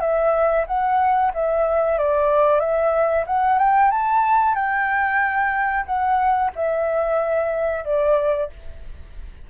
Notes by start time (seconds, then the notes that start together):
0.00 E5
0.67 F#5
1.34 E5
1.98 D5
2.59 E5
3.26 F#5
3.58 G5
3.91 A5
4.55 G5
5.85 F#5
6.55 E5
7.84 D5